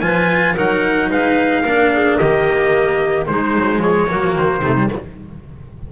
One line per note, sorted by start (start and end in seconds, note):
0.00 0.55 F3
0.00 0.56 F4
0.00 0.54 B4
0.00 0.54 G#5
0.54 1.10 F#3
0.54 1.64 D#4
0.54 1.08 A#4
0.54 1.11 F#5
1.10 1.64 G#3
1.10 1.62 B4
1.10 2.17 F5
1.62 2.18 A#3
1.62 2.20 D4
1.62 1.90 A#4
1.93 2.18 G#4
2.17 3.28 D#3
2.17 3.25 A#3
2.17 3.26 G4
2.17 3.25 D#5
3.25 4.07 G#3
3.25 3.55 G#3
3.25 3.80 D#4
3.25 3.80 C5
3.55 3.79 F#3
3.79 4.06 F3
3.79 4.07 G#4
3.79 4.34 C#5
4.07 4.23 F#3
4.07 4.61 A#3
4.07 4.60 F#4
4.23 4.35 F3
4.35 4.60 D#3
4.35 4.92 C5
4.60 4.87 C3
4.60 4.76 A3
4.60 4.87 D#4
4.76 4.89 G3